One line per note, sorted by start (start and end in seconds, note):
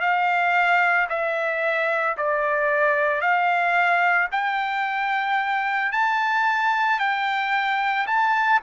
0.00 1.07 F5
1.09 2.16 E5
2.17 3.21 D5
3.21 4.28 F5
4.31 5.92 G5
5.92 6.99 A5
6.99 8.06 G5
8.06 8.60 A5